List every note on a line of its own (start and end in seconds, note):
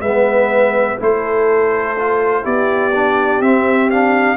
0.00 0.97 G#3
0.00 0.99 B3
0.00 0.98 B4
0.00 0.97 E5
0.99 2.45 A3
0.99 1.96 E4
0.99 2.43 A4
0.99 2.45 C5
1.98 2.43 F4
2.43 3.40 B3
2.43 2.91 E4
2.43 4.36 G4
2.43 3.41 D5
2.94 3.42 D4
3.40 4.37 C4
3.40 3.91 C4
3.40 3.90 E5
3.90 4.37 D4
3.90 4.37 F5